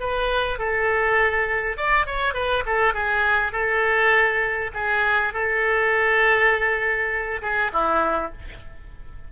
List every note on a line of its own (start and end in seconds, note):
0.00 0.59 B4
0.59 1.77 A4
1.77 2.07 D5
2.07 2.34 C#5
2.34 2.64 B4
2.66 2.94 A4
2.94 3.52 G#4
3.52 4.71 A4
4.74 5.34 G#4
5.34 7.41 A4
7.42 7.72 G#4
7.73 8.32 E4